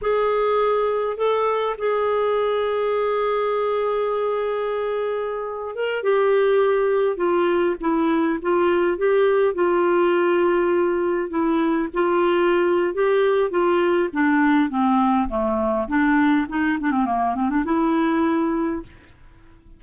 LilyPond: \new Staff \with { instrumentName = "clarinet" } { \time 4/4 \tempo 4 = 102 gis'2 a'4 gis'4~ | gis'1~ | gis'4.~ gis'16 ais'8 g'4.~ g'16~ | g'16 f'4 e'4 f'4 g'8.~ |
g'16 f'2. e'8.~ | e'16 f'4.~ f'16 g'4 f'4 | d'4 c'4 a4 d'4 | dis'8 d'16 c'16 ais8 c'16 d'16 e'2 | }